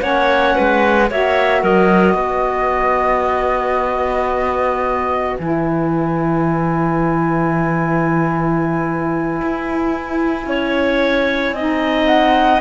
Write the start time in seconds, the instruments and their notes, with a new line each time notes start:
0.00 cello A#3, saxophone C#4, clarinet C#5, flute F#5
0.56 cello G#3, clarinet B4
1.10 cello A#3, saxophone F#4, clarinet C#5, flute E5
1.61 cello F#3, clarinet A#4, flute D#5
2.14 cello B3, clarinet B4
5.37 cello E3, saxophone E4, flute G#5
9.42 cello E4
10.46 cello C#4, clarinet C#5
11.52 cello C4, saxophone D#4, clarinet D#5
12.07 flute F#5